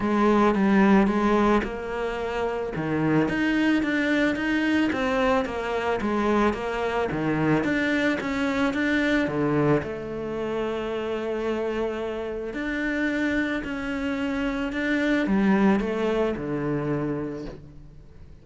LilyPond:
\new Staff \with { instrumentName = "cello" } { \time 4/4 \tempo 4 = 110 gis4 g4 gis4 ais4~ | ais4 dis4 dis'4 d'4 | dis'4 c'4 ais4 gis4 | ais4 dis4 d'4 cis'4 |
d'4 d4 a2~ | a2. d'4~ | d'4 cis'2 d'4 | g4 a4 d2 | }